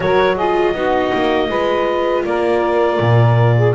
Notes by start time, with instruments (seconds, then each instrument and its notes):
0.00 double bass F#3, viola F#4, saxophone A#4, clarinet C#5
0.35 viola F4, saxophone G#4, clarinet D#5
0.73 double bass B3, viola D#4, saxophone F#4
1.13 double bass A#3
1.49 double bass G#3, viola F4, saxophone B4
2.24 double bass A#3, saxophone A#4, clarinet D5
2.99 double bass A#2
3.56 saxophone G#4